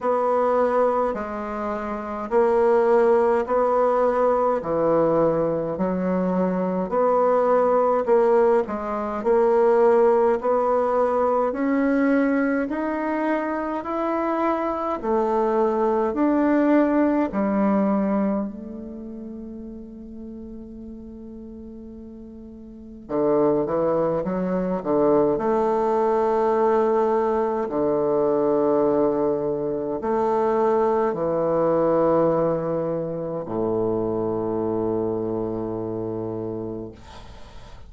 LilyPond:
\new Staff \with { instrumentName = "bassoon" } { \time 4/4 \tempo 4 = 52 b4 gis4 ais4 b4 | e4 fis4 b4 ais8 gis8 | ais4 b4 cis'4 dis'4 | e'4 a4 d'4 g4 |
a1 | d8 e8 fis8 d8 a2 | d2 a4 e4~ | e4 a,2. | }